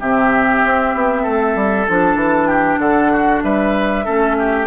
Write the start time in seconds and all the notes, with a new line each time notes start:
0.00 C3 C4 G4 E5
0.64 C4
0.94 B3
1.22 A3 A4
1.55 G3
1.87 F3 D4 A5
2.15 E3
2.47 G4 G5
2.78 D3 A4 F#5
3.12 F#4
3.43 G3 B4 E5
4.05 A3 C#4 A4
4.38 G4